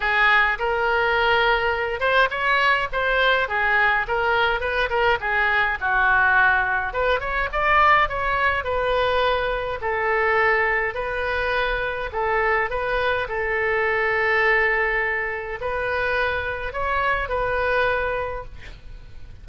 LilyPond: \new Staff \with { instrumentName = "oboe" } { \time 4/4 \tempo 4 = 104 gis'4 ais'2~ ais'8 c''8 | cis''4 c''4 gis'4 ais'4 | b'8 ais'8 gis'4 fis'2 | b'8 cis''8 d''4 cis''4 b'4~ |
b'4 a'2 b'4~ | b'4 a'4 b'4 a'4~ | a'2. b'4~ | b'4 cis''4 b'2 | }